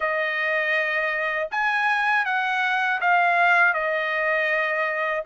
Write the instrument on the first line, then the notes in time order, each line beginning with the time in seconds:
trumpet
0.00 D#5
1.51 G#5
2.25 F#5
3.00 F5
3.73 D#5